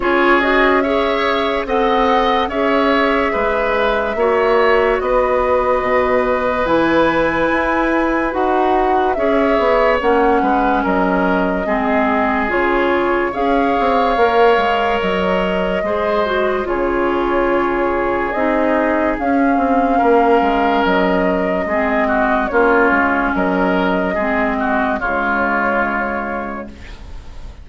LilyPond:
<<
  \new Staff \with { instrumentName = "flute" } { \time 4/4 \tempo 4 = 72 cis''8 dis''8 e''4 fis''4 e''4~ | e''2 dis''2 | gis''2 fis''4 e''4 | fis''4 dis''2 cis''4 |
f''2 dis''2 | cis''2 dis''4 f''4~ | f''4 dis''2 cis''4 | dis''2 cis''2 | }
  \new Staff \with { instrumentName = "oboe" } { \time 4/4 gis'4 cis''4 dis''4 cis''4 | b'4 cis''4 b'2~ | b'2. cis''4~ | cis''8 b'8 ais'4 gis'2 |
cis''2. c''4 | gis'1 | ais'2 gis'8 fis'8 f'4 | ais'4 gis'8 fis'8 f'2 | }
  \new Staff \with { instrumentName = "clarinet" } { \time 4/4 f'8 fis'8 gis'4 a'4 gis'4~ | gis'4 fis'2. | e'2 fis'4 gis'4 | cis'2 c'4 f'4 |
gis'4 ais'2 gis'8 fis'8 | f'2 dis'4 cis'4~ | cis'2 c'4 cis'4~ | cis'4 c'4 gis2 | }
  \new Staff \with { instrumentName = "bassoon" } { \time 4/4 cis'2 c'4 cis'4 | gis4 ais4 b4 b,4 | e4 e'4 dis'4 cis'8 b8 | ais8 gis8 fis4 gis4 cis4 |
cis'8 c'8 ais8 gis8 fis4 gis4 | cis2 c'4 cis'8 c'8 | ais8 gis8 fis4 gis4 ais8 gis8 | fis4 gis4 cis2 | }
>>